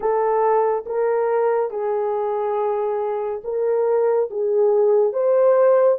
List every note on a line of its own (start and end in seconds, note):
0.00 0.85 A4
0.86 1.70 A#4
1.70 3.42 G#4
3.44 4.29 A#4
4.30 5.12 G#4
5.12 5.98 C5